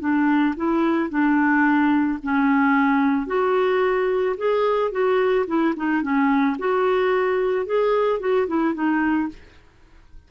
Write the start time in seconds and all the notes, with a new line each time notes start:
0.00 D4
0.56 E4
1.09 D4
2.23 C#4
3.27 F#4
4.37 G#4
4.91 F#4
5.47 E4
5.76 D#4
6.02 C#4
6.59 F#4
7.66 G#4
8.20 F#4
8.47 E4
8.74 D#4